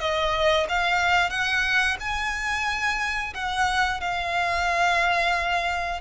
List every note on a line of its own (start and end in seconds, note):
0.00 0.67 D#5
0.69 1.30 F5
1.30 1.97 F#5
2.00 3.33 G#5
3.34 4.00 F#5
4.00 6.00 F5